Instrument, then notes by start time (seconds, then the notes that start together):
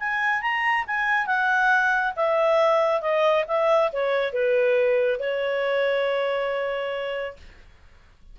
clarinet
0.00 G#5
0.42 A#5
0.87 G#5
1.27 F#5
2.16 E5
3.02 D#5
3.48 E5
3.92 C#5
4.33 B4
5.20 C#5